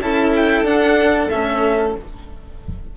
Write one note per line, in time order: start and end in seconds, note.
0.00 0.62 C#4
0.00 0.64 E4
0.00 1.97 A4
0.00 0.34 A5
0.36 0.66 G5
0.62 1.27 D4
0.62 1.29 D4
0.62 1.29 F#5
1.29 1.97 A3
1.29 1.96 C#4
1.29 1.94 E5